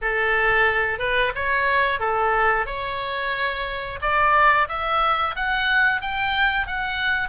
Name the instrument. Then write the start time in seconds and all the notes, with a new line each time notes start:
oboe
0.02 A4
0.98 B4
1.35 C#5
1.99 A4
2.66 C#5
4.01 D5
4.68 E5
5.35 F#5
6.01 G5
6.67 F#5